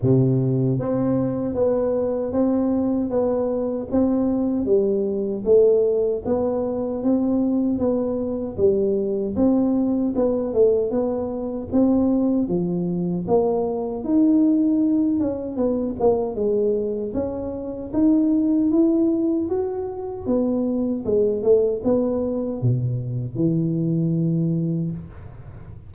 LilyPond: \new Staff \with { instrumentName = "tuba" } { \time 4/4 \tempo 4 = 77 c4 c'4 b4 c'4 | b4 c'4 g4 a4 | b4 c'4 b4 g4 | c'4 b8 a8 b4 c'4 |
f4 ais4 dis'4. cis'8 | b8 ais8 gis4 cis'4 dis'4 | e'4 fis'4 b4 gis8 a8 | b4 b,4 e2 | }